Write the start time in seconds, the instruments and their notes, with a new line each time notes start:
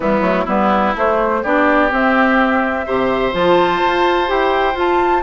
0.00 bassoon E3, clarinet G3, oboe B3, flute E4
0.20 bassoon F#3, clarinet A3
0.44 bassoon G3, clarinet B3, oboe E4, flute B4
0.95 bassoon A3, clarinet A3, flute C5
1.43 bassoon B3, clarinet D4, oboe G4, flute D5
1.90 clarinet C4, bassoon C4, flute E5
2.86 bassoon C3, clarinet G4, oboe C5
3.32 bassoon F3, clarinet F4, flute A5
3.83 bassoon F4
4.26 bassoon E4, clarinet G4, flute G5
4.74 bassoon F4, clarinet F4, flute A5